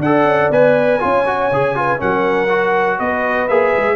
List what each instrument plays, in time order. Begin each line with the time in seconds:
0.00 tuba D4, trombone A4, horn D5, trumpet F#5
0.25 tuba C#4
0.51 tuba B3, trombone B4, trumpet G#5
1.00 tuba C#4, trombone F4, horn C#5
1.27 trombone F#4
1.52 tuba C#3, trombone G#4
1.75 trombone F4, horn B4
1.98 tuba F#3, trombone C#4, horn A#4, trumpet F#5
2.49 trombone F#4
2.98 tuba B3, horn B4, trumpet D#5
3.48 tuba A#3, trombone G#4, trumpet E5
3.78 tuba G#3